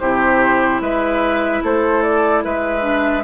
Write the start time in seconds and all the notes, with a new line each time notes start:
0.00 C3 E4 G4 C5
0.81 G#3 B4 E5
1.64 A3 A4 C5
2.03 D5
2.44 G#3 B4 E5
2.82 D4